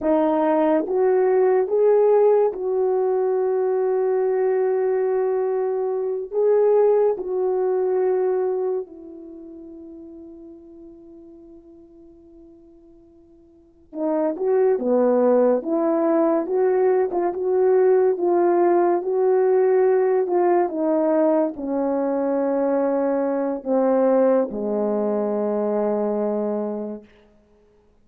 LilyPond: \new Staff \with { instrumentName = "horn" } { \time 4/4 \tempo 4 = 71 dis'4 fis'4 gis'4 fis'4~ | fis'2.~ fis'8 gis'8~ | gis'8 fis'2 e'4.~ | e'1~ |
e'8 dis'8 fis'8 b4 e'4 fis'8~ | fis'16 f'16 fis'4 f'4 fis'4. | f'8 dis'4 cis'2~ cis'8 | c'4 gis2. | }